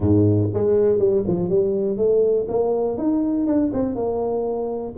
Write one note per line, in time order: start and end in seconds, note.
0.00 0.49 G#2
0.53 0.98 G#3
0.98 1.23 G3
1.27 1.49 F3
1.49 1.97 G3
1.97 2.46 A3
2.48 2.97 A#3
2.97 3.46 D#4
3.46 3.71 D4
3.73 3.95 C4
3.95 4.94 A#3